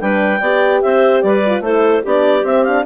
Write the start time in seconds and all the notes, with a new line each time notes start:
0.00 G3 D4 B4 G5
0.40 B3 G4 D5
0.81 C4 C5 E5
1.21 G3 B4 D5
1.46 F4
1.60 A3 E4 A4 C5
2.03 B3 D4 G4 D5
2.43 C4 E5
2.63 D4 F5